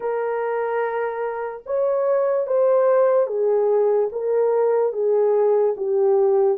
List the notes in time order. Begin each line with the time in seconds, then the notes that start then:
0.00 A#4
1.66 C#5
2.46 C5
3.27 G#4
4.11 A#4
4.92 G#4
5.76 G4